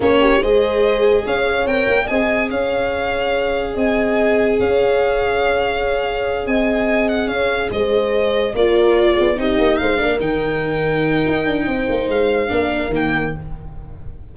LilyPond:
<<
  \new Staff \with { instrumentName = "violin" } { \time 4/4 \tempo 4 = 144 cis''4 dis''2 f''4 | g''4 gis''4 f''2~ | f''4 gis''2 f''4~ | f''2.~ f''8 gis''8~ |
gis''4 fis''8 f''4 dis''4.~ | dis''8 d''2 dis''4 f''8~ | f''8 g''2.~ g''8~ | g''4 f''2 g''4 | }
  \new Staff \with { instrumentName = "horn" } { \time 4/4 gis'8 g'8 c''2 cis''4~ | cis''4 dis''4 cis''2~ | cis''4 dis''2 cis''4~ | cis''2.~ cis''8 dis''8~ |
dis''4. cis''4 c''4.~ | c''8 ais'4. gis'8 g'4 c''8 | ais'1 | c''2 ais'2 | }
  \new Staff \with { instrumentName = "viola" } { \time 4/4 cis'4 gis'2. | ais'4 gis'2.~ | gis'1~ | gis'1~ |
gis'1~ | gis'8 f'2 dis'4. | d'8 dis'2.~ dis'8~ | dis'2 d'4 ais4 | }
  \new Staff \with { instrumentName = "tuba" } { \time 4/4 ais4 gis2 cis'4 | c'8 ais8 c'4 cis'2~ | cis'4 c'2 cis'4~ | cis'2.~ cis'8 c'8~ |
c'4. cis'4 gis4.~ | gis8 ais4. b8 c'8 ais8 gis8 | ais8 dis2~ dis8 dis'8 d'8 | c'8 ais8 gis4 ais4 dis4 | }
>>